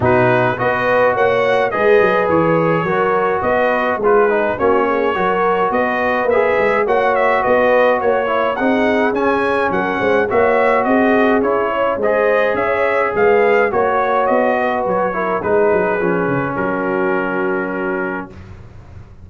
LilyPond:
<<
  \new Staff \with { instrumentName = "trumpet" } { \time 4/4 \tempo 4 = 105 b'4 dis''4 fis''4 dis''4 | cis''2 dis''4 b'4 | cis''2 dis''4 e''4 | fis''8 e''8 dis''4 cis''4 fis''4 |
gis''4 fis''4 e''4 dis''4 | cis''4 dis''4 e''4 f''4 | cis''4 dis''4 cis''4 b'4~ | b'4 ais'2. | }
  \new Staff \with { instrumentName = "horn" } { \time 4/4 fis'4 b'4 cis''4 b'4~ | b'4 ais'4 b'4 gis'4 | fis'8 gis'8 ais'4 b'2 | cis''4 b'4 cis''4 gis'4~ |
gis'4 ais'8 c''8 cis''4 gis'4~ | gis'8 cis''8 c''4 cis''4 b'4 | cis''4. b'4 ais'8 gis'4~ | gis'4 fis'2. | }
  \new Staff \with { instrumentName = "trombone" } { \time 4/4 dis'4 fis'2 gis'4~ | gis'4 fis'2 f'8 dis'8 | cis'4 fis'2 gis'4 | fis'2~ fis'8 e'8 dis'4 |
cis'2 fis'2 | e'4 gis'2. | fis'2~ fis'8 e'8 dis'4 | cis'1 | }
  \new Staff \with { instrumentName = "tuba" } { \time 4/4 b,4 b4 ais4 gis8 fis8 | e4 fis4 b4 gis4 | ais4 fis4 b4 ais8 gis8 | ais4 b4 ais4 c'4 |
cis'4 fis8 gis8 ais4 c'4 | cis'4 gis4 cis'4 gis4 | ais4 b4 fis4 gis8 fis8 | f8 cis8 fis2. | }
>>